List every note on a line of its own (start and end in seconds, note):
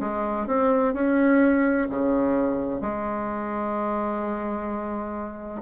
0.00 0.47 G#3
0.47 0.94 C4
0.94 1.88 C#4
1.90 2.81 C#3
2.81 5.62 G#3